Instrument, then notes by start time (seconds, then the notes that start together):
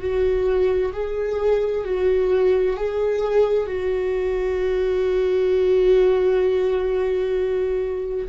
viola
0.00 F#4
0.92 G#4
1.85 F#4
2.77 G#4
3.66 F#4